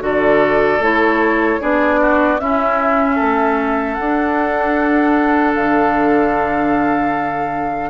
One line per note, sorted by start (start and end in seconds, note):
0.00 0.79 D3
0.00 0.79 F#4
0.00 1.61 A4
0.00 0.83 D5
0.79 1.58 A3
0.79 1.60 E4
0.79 1.62 C#5
1.60 2.40 B3
1.60 2.39 D4
1.60 2.00 G#4
1.60 2.40 D5
2.01 2.41 F#4
2.40 3.19 C#4
2.40 3.98 C#4
2.40 3.15 E4
2.40 3.94 E5
3.15 3.98 A3
3.15 7.89 A4
3.94 5.55 D4
3.94 7.90 D4
3.94 5.52 F#5
5.55 7.90 D3
5.55 7.90 F5